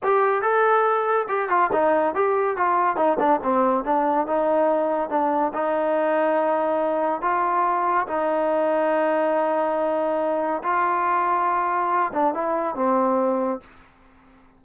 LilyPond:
\new Staff \with { instrumentName = "trombone" } { \time 4/4 \tempo 4 = 141 g'4 a'2 g'8 f'8 | dis'4 g'4 f'4 dis'8 d'8 | c'4 d'4 dis'2 | d'4 dis'2.~ |
dis'4 f'2 dis'4~ | dis'1~ | dis'4 f'2.~ | f'8 d'8 e'4 c'2 | }